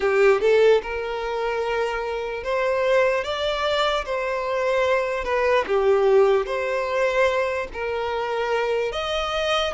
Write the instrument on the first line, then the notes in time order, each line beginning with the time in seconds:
violin
0.00 G4
0.41 A4
0.82 A#4
2.43 C5
3.24 D5
4.05 C5
5.24 B4
5.66 G4
6.45 C5
7.73 A#4
8.92 D#5